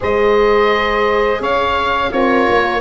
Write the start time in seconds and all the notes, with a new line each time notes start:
0.00 G#3 G#4 C5 D#5
1.40 C#4 C#5 F5
2.09 C4 F4 A#4 C#5
2.49 A#3